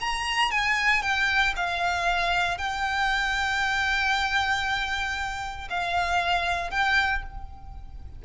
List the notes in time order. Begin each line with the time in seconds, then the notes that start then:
0.00 A#5
0.51 G#5
1.02 G5
1.56 F5
2.57 G5
5.69 F5
6.70 G5